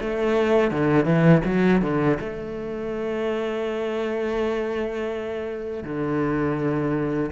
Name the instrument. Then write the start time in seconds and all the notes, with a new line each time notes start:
cello
0.00 A3
0.71 D3
1.04 E3
1.45 F#3
1.81 D3
2.20 A3
5.83 D3